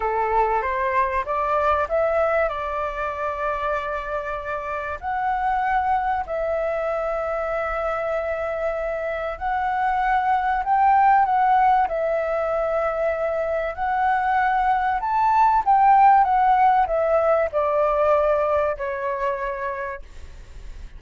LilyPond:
\new Staff \with { instrumentName = "flute" } { \time 4/4 \tempo 4 = 96 a'4 c''4 d''4 e''4 | d''1 | fis''2 e''2~ | e''2. fis''4~ |
fis''4 g''4 fis''4 e''4~ | e''2 fis''2 | a''4 g''4 fis''4 e''4 | d''2 cis''2 | }